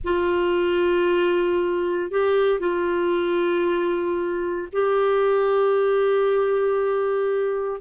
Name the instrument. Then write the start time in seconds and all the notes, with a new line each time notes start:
clarinet
0.04 F4
2.10 G4
2.59 F4
4.72 G4